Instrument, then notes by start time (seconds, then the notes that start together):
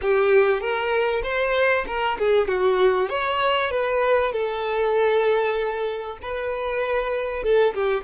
violin
0.01 G4
0.60 A#4
1.23 C5
1.87 A#4
2.18 G#4
2.47 F#4
3.09 C#5
3.70 B4
4.32 A4
6.22 B4
7.43 A4
7.74 G4